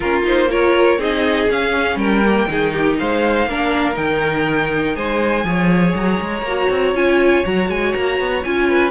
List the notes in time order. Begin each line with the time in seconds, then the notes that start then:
0.00 A#3 C#4 F4 A#4
0.23 D#4 C5
0.49 F4 A#4 C#5
0.98 C4 D#4 G#4 D#5
1.49 C#4 F5
1.95 G3 A#4 G5
2.24 A#3
2.47 D#3 D#4 G#4
2.72 G4
2.99 G#3 C5 F5
3.46 A#3 D4 A#4
3.93 D#3 D#4 G5
4.95 G#3 C5 G#5
5.44 F3 G#4 C#5
5.95 F#3 A#5
6.20 G#3
6.42 A#3 F#4
6.70 C4
6.94 C#4 F4 G#5
7.44 F#3 F#4 A#5
7.69 G#3 G#5
7.93 A#3 A#5
8.19 B3
8.43 C#4 F4 G#5
8.68 B4